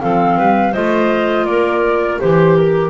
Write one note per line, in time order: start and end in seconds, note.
0.00 0.38 F3
0.00 0.73 C4
0.00 0.37 A4
0.00 0.73 F5
0.37 0.75 G3
0.37 0.72 B4
0.72 1.44 A3
0.72 2.20 F4
0.72 1.45 C5
0.72 1.46 D#5
1.44 2.17 A#3
1.44 2.21 A#4
1.44 2.19 D5
2.20 2.90 E3
2.20 2.90 G4
2.20 2.56 C5
2.56 2.90 A#4